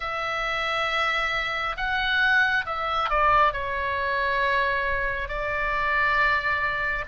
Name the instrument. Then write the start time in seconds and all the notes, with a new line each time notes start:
oboe
0.00 E5
1.76 F#5
2.65 E5
3.09 D5
3.53 C#5
5.28 D5